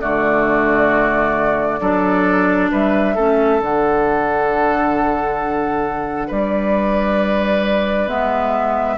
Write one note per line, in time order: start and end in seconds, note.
0.00 1.80 D3
0.00 1.79 A3
0.00 1.80 F#4
0.00 2.69 D5
1.80 2.70 F#3
1.80 3.15 D4
1.80 2.70 A4
2.71 3.16 G3
2.71 3.15 B4
2.71 3.61 E5
3.15 3.60 A3
3.15 3.60 C#4
3.15 6.27 A4
3.60 6.29 D3
3.60 8.07 D4
3.60 6.30 F#5
6.27 8.07 G3
6.27 8.96 B4
6.27 8.08 D5
8.07 8.97 G#3
8.07 8.97 B3
8.07 8.97 E5